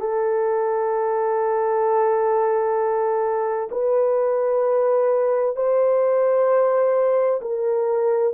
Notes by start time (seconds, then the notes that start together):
0.00 A4
3.71 B4
5.56 C5
7.41 A#4